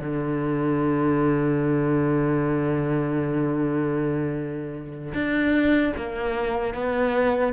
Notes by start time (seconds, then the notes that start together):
0.00 D3
5.14 D4
5.97 A#3
6.74 B3